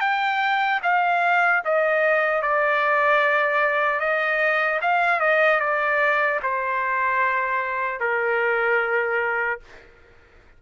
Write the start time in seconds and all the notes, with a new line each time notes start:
0.00 G5
0.82 F5
1.64 D#5
2.41 D5
4.00 D#5
4.81 F5
5.20 D#5
5.60 D5
6.43 C5
8.00 A#4